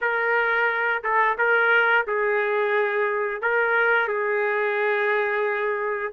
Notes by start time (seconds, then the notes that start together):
0.01 A#4
1.03 A4
1.38 A#4
2.07 G#4
3.41 A#4
4.08 G#4